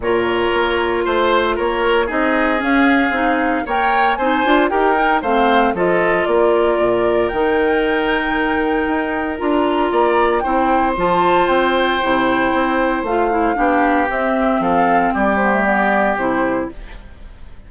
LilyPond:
<<
  \new Staff \with { instrumentName = "flute" } { \time 4/4 \tempo 4 = 115 cis''2 c''4 cis''4 | dis''4 f''2 g''4 | gis''4 g''4 f''4 dis''4 | d''2 g''2~ |
g''2 ais''2 | g''4 a''4 g''2~ | g''4 f''2 e''4 | f''4 d''8 c''8 d''4 c''4 | }
  \new Staff \with { instrumentName = "oboe" } { \time 4/4 ais'2 c''4 ais'4 | gis'2. cis''4 | c''4 ais'4 c''4 a'4 | ais'1~ |
ais'2. d''4 | c''1~ | c''2 g'2 | a'4 g'2. | }
  \new Staff \with { instrumentName = "clarinet" } { \time 4/4 f'1 | dis'4 cis'4 dis'4 ais'4 | dis'8 f'8 g'8 dis'8 c'4 f'4~ | f'2 dis'2~ |
dis'2 f'2 | e'4 f'2 e'4~ | e'4 f'8 e'8 d'4 c'4~ | c'4. b16 a16 b4 e'4 | }
  \new Staff \with { instrumentName = "bassoon" } { \time 4/4 ais,4 ais4 a4 ais4 | c'4 cis'4 c'4 ais4 | c'8 d'8 dis'4 a4 f4 | ais4 ais,4 dis2~ |
dis4 dis'4 d'4 ais4 | c'4 f4 c'4 c4 | c'4 a4 b4 c'4 | f4 g2 c4 | }
>>